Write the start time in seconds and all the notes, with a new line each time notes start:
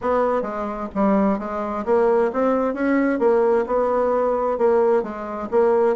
0.01 B3
0.42 G#3
0.95 G3
1.39 G#3
1.85 A#3
2.32 C4
2.74 C#4
3.19 A#3
3.66 B3
4.57 A#3
5.02 G#3
5.50 A#3